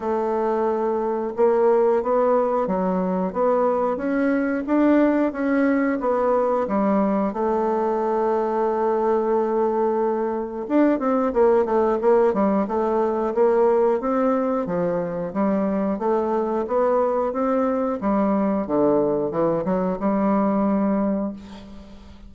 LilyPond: \new Staff \with { instrumentName = "bassoon" } { \time 4/4 \tempo 4 = 90 a2 ais4 b4 | fis4 b4 cis'4 d'4 | cis'4 b4 g4 a4~ | a1 |
d'8 c'8 ais8 a8 ais8 g8 a4 | ais4 c'4 f4 g4 | a4 b4 c'4 g4 | d4 e8 fis8 g2 | }